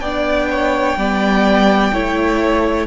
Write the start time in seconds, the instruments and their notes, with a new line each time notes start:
0.00 cello B3, viola D4, violin D5 G5
0.50 violin C#5
0.96 cello G3, viola B3, violin D5
1.93 cello A3, viola E4, violin C#5